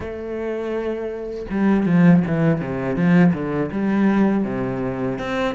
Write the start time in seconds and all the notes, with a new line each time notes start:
0.00 A3
1.50 G3
1.86 F3
2.26 E3
2.61 C3
2.96 F3
3.33 D3
3.71 G3
4.44 C3
5.19 C4